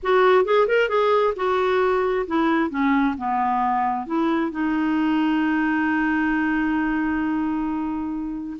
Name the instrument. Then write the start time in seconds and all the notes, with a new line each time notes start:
clarinet
0.02 F#4
0.44 G#4
0.67 A#4
0.88 G#4
1.36 F#4
2.27 E4
2.70 C#4
3.17 B3
4.06 E4
4.51 D#4